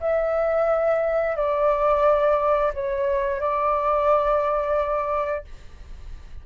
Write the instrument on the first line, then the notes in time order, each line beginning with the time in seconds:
flute
0.00 E5
1.36 D5
2.73 C#5
3.40 D5